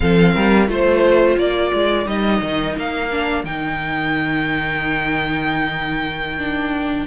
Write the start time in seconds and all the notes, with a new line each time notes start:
0.00 F3 C4 A4 F5
0.33 G3 A#4
0.67 A3 F4 C5
1.37 A#3 A#4 D5
1.73 G#3
2.05 G3 D#4 D#5
2.41 D#3
2.77 A#3 F5
3.11 D4
3.43 D#3 D#4 G5
6.38 D4